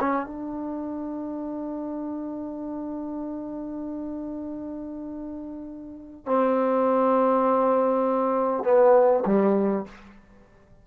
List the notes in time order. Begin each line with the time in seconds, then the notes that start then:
0.00 C#4
0.26 D4
6.26 C4
8.64 B3
9.26 G3